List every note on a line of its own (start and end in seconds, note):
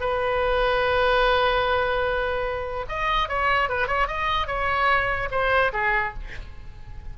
0.00 2.86 B4
2.88 3.28 D#5
3.28 3.69 C#5
3.69 3.87 B4
3.87 4.07 C#5
4.07 4.47 D#5
4.47 5.29 C#5
5.31 5.72 C5
5.73 6.14 G#4